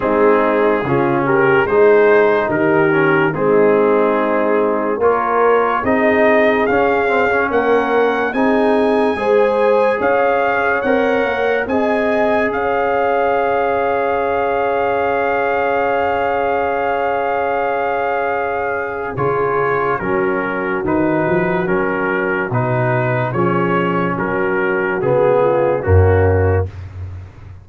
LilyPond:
<<
  \new Staff \with { instrumentName = "trumpet" } { \time 4/4 \tempo 4 = 72 gis'4. ais'8 c''4 ais'4 | gis'2 cis''4 dis''4 | f''4 fis''4 gis''2 | f''4 fis''4 gis''4 f''4~ |
f''1~ | f''2. cis''4 | ais'4 b'4 ais'4 b'4 | cis''4 ais'4 gis'4 fis'4 | }
  \new Staff \with { instrumentName = "horn" } { \time 4/4 dis'4 f'8 g'8 gis'4 g'4 | dis'2 ais'4 gis'4~ | gis'4 ais'4 gis'4 c''4 | cis''2 dis''4 cis''4~ |
cis''1~ | cis''2. gis'4 | fis'1 | gis'4 fis'4. f'8 cis'4 | }
  \new Staff \with { instrumentName = "trombone" } { \time 4/4 c'4 cis'4 dis'4. cis'8 | c'2 f'4 dis'4 | cis'8 c'16 cis'4~ cis'16 dis'4 gis'4~ | gis'4 ais'4 gis'2~ |
gis'1~ | gis'2. f'4 | cis'4 dis'4 cis'4 dis'4 | cis'2 b4 ais4 | }
  \new Staff \with { instrumentName = "tuba" } { \time 4/4 gis4 cis4 gis4 dis4 | gis2 ais4 c'4 | cis'4 ais4 c'4 gis4 | cis'4 c'8 ais8 c'4 cis'4~ |
cis'1~ | cis'2. cis4 | fis4 dis8 f8 fis4 b,4 | f4 fis4 cis4 fis,4 | }
>>